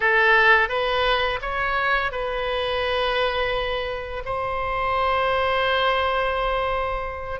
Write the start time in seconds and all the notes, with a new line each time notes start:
0.00 A4
0.69 B4
1.41 C#5
2.11 B4
4.25 C5